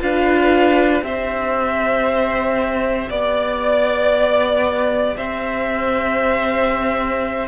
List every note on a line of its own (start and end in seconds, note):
0.00 1.02 D4
0.00 1.03 F4
0.00 1.04 B4
0.00 1.04 F5
1.02 3.09 C4
1.02 7.48 G4
1.02 3.10 C5
1.02 3.11 E5
3.10 5.17 B3
3.10 5.17 D5
5.17 7.48 C4
5.17 7.48 C5
5.17 7.48 E5